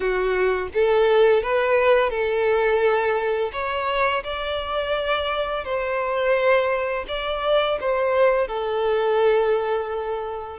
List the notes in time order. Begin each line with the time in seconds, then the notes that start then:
0.00 F#4
0.74 A4
1.42 B4
2.10 A4
3.52 C#5
4.23 D5
5.64 C5
7.08 D5
7.80 C5
8.47 A4